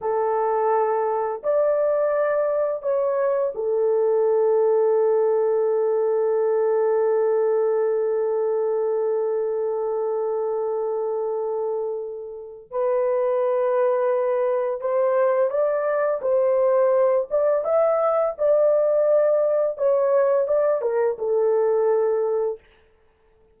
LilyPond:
\new Staff \with { instrumentName = "horn" } { \time 4/4 \tempo 4 = 85 a'2 d''2 | cis''4 a'2.~ | a'1~ | a'1~ |
a'2 b'2~ | b'4 c''4 d''4 c''4~ | c''8 d''8 e''4 d''2 | cis''4 d''8 ais'8 a'2 | }